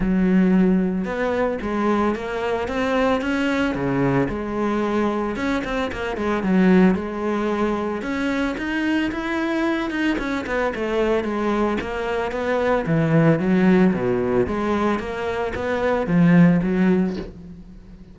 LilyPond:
\new Staff \with { instrumentName = "cello" } { \time 4/4 \tempo 4 = 112 fis2 b4 gis4 | ais4 c'4 cis'4 cis4 | gis2 cis'8 c'8 ais8 gis8 | fis4 gis2 cis'4 |
dis'4 e'4. dis'8 cis'8 b8 | a4 gis4 ais4 b4 | e4 fis4 b,4 gis4 | ais4 b4 f4 fis4 | }